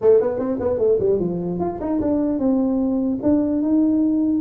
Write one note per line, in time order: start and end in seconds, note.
0.01 0.21 A3
0.21 0.39 B3
0.39 0.59 C4
0.59 0.78 B3
0.78 0.98 A3
0.99 1.19 G3
1.19 1.59 F3
1.59 1.79 F4
1.80 2.00 D#4
2.00 2.39 D4
2.39 3.19 C4
3.22 3.62 D4
3.62 4.41 D#4